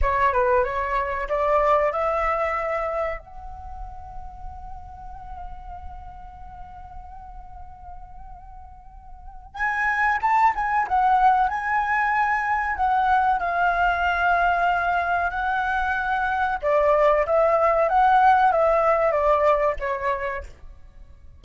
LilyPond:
\new Staff \with { instrumentName = "flute" } { \time 4/4 \tempo 4 = 94 cis''8 b'8 cis''4 d''4 e''4~ | e''4 fis''2.~ | fis''1~ | fis''2. gis''4 |
a''8 gis''8 fis''4 gis''2 | fis''4 f''2. | fis''2 d''4 e''4 | fis''4 e''4 d''4 cis''4 | }